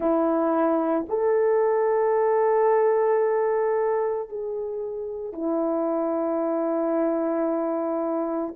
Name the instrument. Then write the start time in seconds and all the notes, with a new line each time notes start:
horn
0.00 E4
1.08 A4
4.29 G#4
5.32 E4